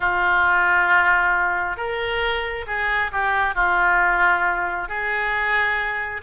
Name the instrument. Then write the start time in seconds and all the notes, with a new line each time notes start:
oboe
0.00 F4
1.76 A#4
2.66 G#4
3.12 G4
3.55 F4
4.88 G#4